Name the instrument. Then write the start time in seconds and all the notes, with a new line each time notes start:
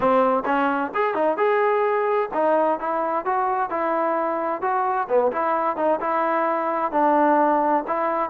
trombone
0.00 C4
0.45 C#4
0.94 G#4
1.14 D#4
1.37 G#4
2.33 D#4
2.79 E4
3.25 F#4
3.70 E4
4.61 F#4
5.08 B3
5.31 E4
5.76 D#4
6.00 E4
6.91 D4
7.87 E4